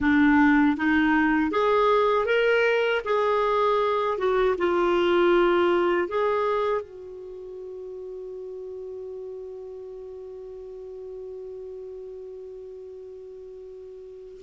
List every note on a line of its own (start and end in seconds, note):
0.00 0.76 D4
0.77 1.51 D#4
1.51 2.25 G#4
2.25 3.01 A#4
3.04 4.17 G#4
4.17 4.55 F#4
4.57 6.08 F4
6.08 6.81 G#4
6.81 14.41 F#4